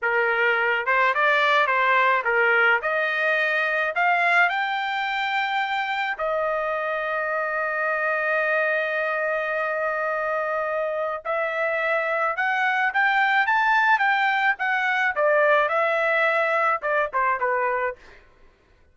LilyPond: \new Staff \with { instrumentName = "trumpet" } { \time 4/4 \tempo 4 = 107 ais'4. c''8 d''4 c''4 | ais'4 dis''2 f''4 | g''2. dis''4~ | dis''1~ |
dis''1 | e''2 fis''4 g''4 | a''4 g''4 fis''4 d''4 | e''2 d''8 c''8 b'4 | }